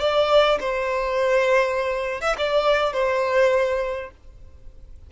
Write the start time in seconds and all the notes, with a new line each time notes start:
0.00 D5
0.61 C5
2.21 E5
2.38 D5
2.93 C5